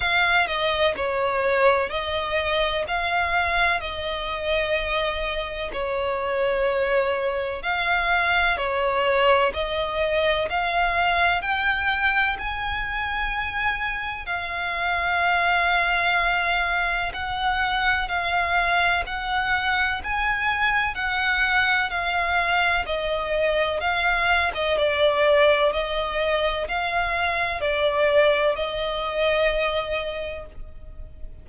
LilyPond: \new Staff \with { instrumentName = "violin" } { \time 4/4 \tempo 4 = 63 f''8 dis''8 cis''4 dis''4 f''4 | dis''2 cis''2 | f''4 cis''4 dis''4 f''4 | g''4 gis''2 f''4~ |
f''2 fis''4 f''4 | fis''4 gis''4 fis''4 f''4 | dis''4 f''8. dis''16 d''4 dis''4 | f''4 d''4 dis''2 | }